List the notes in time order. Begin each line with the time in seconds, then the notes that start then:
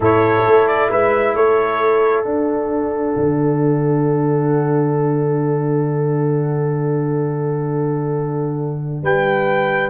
0.00 A2 E4 A4 C#5
0.46 A3
0.67 D5
0.90 G#3 B4 E5
1.34 A3 A4 C#5
2.23 D4 F#5
3.16 D3
9.02 G3 B4 G5